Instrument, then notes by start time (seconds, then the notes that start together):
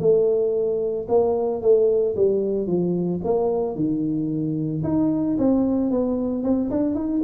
tuba
0.00 A3
1.09 A#3
1.62 A3
2.16 G3
2.67 F3
3.24 A#3
3.75 D#3
4.84 D#4
5.39 C4
5.91 B3
6.43 C4
6.71 D4
6.95 D#4